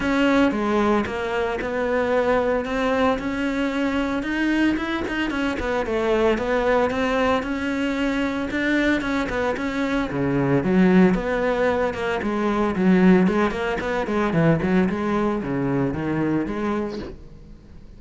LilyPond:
\new Staff \with { instrumentName = "cello" } { \time 4/4 \tempo 4 = 113 cis'4 gis4 ais4 b4~ | b4 c'4 cis'2 | dis'4 e'8 dis'8 cis'8 b8 a4 | b4 c'4 cis'2 |
d'4 cis'8 b8 cis'4 cis4 | fis4 b4. ais8 gis4 | fis4 gis8 ais8 b8 gis8 e8 fis8 | gis4 cis4 dis4 gis4 | }